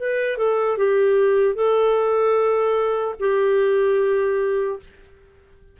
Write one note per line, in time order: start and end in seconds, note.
0.00 0.38 B4
0.38 0.78 A4
0.78 1.56 G4
1.56 3.16 A4
3.20 4.80 G4